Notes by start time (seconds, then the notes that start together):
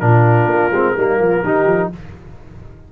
0.00 A#2 D4 F4 A#4
0.46 A#3
0.72 G#3 C4
0.96 G3 A#3 D#4
1.19 F3 F4
1.44 D#3 D#4 G4
1.67 F3